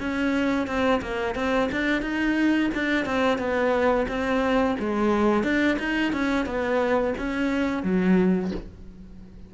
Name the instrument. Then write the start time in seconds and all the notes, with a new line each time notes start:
cello
0.00 C#4
0.67 C4
1.02 A#3
1.36 C4
1.72 D4
2.02 D#4
2.75 D4
3.06 C4
3.38 B3
4.08 C4
4.80 G#3
5.44 D4
5.80 D#4
6.13 C#4
6.46 B3
7.18 C#4
7.83 F#3